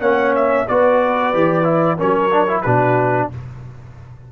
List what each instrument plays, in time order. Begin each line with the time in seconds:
0.00 tuba A#3, trombone C#4, horn C#5, trumpet F#5
0.36 trumpet E5
0.68 tuba B3, trombone F#4, horn B4, trumpet D5
1.34 tuba E3, trombone G4
1.64 trombone E4
1.97 tuba F#3, trombone C#4, horn A#4, trumpet C#5
2.31 trombone D4
2.48 trombone E4
2.62 tuba B2, trombone D4, horn F#4, trumpet B4